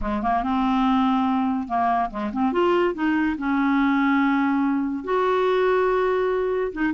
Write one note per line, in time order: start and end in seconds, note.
0.01 0.22 G#3
0.22 0.43 A#3
0.43 1.68 C4
1.68 2.10 A#3
2.10 2.31 G#3
2.32 2.52 C4
2.52 2.94 F4
2.94 3.36 D#4
3.38 5.04 C#4
5.04 6.72 F#4
6.72 6.93 D#4